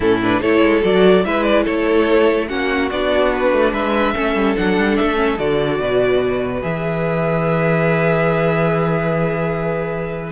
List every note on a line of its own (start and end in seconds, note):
0.00 0.41 A2
0.00 0.22 C#4
0.00 0.39 E4
0.00 0.21 A4
0.22 0.42 D4
0.22 0.41 B4
0.41 0.61 A3
0.41 0.81 E4
0.41 1.24 A4
0.41 0.83 C#5
0.61 0.81 G#3
0.81 1.25 F#3
0.81 1.22 F#4
0.81 1.24 D5
1.24 1.66 G#3
1.24 2.48 E4
1.24 1.63 B4
1.24 1.43 E5
1.43 1.63 D5
1.63 2.50 A3
1.63 2.46 A4
1.63 2.48 C#5
2.48 2.91 A#3
2.48 2.89 C#4
2.48 3.72 F#4
2.48 2.89 F#5
2.90 3.52 B3
2.90 4.15 D4
2.90 3.31 D5
3.34 3.73 B4
3.52 3.72 A3
3.72 4.13 G#3
3.72 4.14 B4
3.72 4.56 E5
4.15 4.34 A3
4.15 4.55 C#4
4.15 5.80 A4
4.34 4.55 G3
4.55 4.77 F#3
4.55 5.15 D4
4.55 4.96 F#5
4.77 4.97 G3
4.96 5.38 A3
4.96 5.38 E5
5.15 5.36 C#4
5.38 5.79 D3
5.38 6.62 F#4
5.38 6.62 D5
5.79 6.62 B2
5.79 10.32 B4
6.62 10.32 E3
6.62 10.32 G#4
6.62 10.32 E5